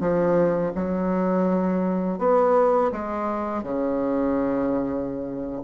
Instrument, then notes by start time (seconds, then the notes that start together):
bassoon
0.00 F3
0.75 F#3
2.19 B3
2.92 G#3
3.63 C#3